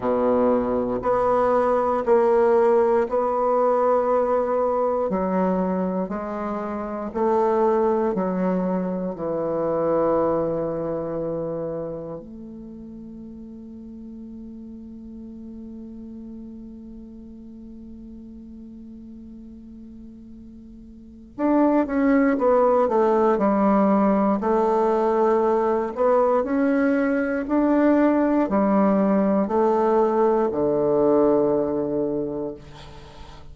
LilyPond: \new Staff \with { instrumentName = "bassoon" } { \time 4/4 \tempo 4 = 59 b,4 b4 ais4 b4~ | b4 fis4 gis4 a4 | fis4 e2. | a1~ |
a1~ | a4 d'8 cis'8 b8 a8 g4 | a4. b8 cis'4 d'4 | g4 a4 d2 | }